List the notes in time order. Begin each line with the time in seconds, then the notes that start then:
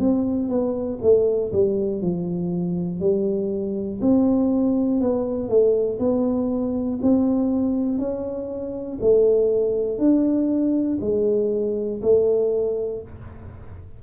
0.00 C4
0.50 B3
1.02 A3
1.53 G3
2.02 F3
3.01 G3
4.01 C4
5.01 B3
5.50 A3
6.00 B3
7.02 C4
7.99 C#4
9.01 A3
9.99 D4
11.01 G#3
12.02 A3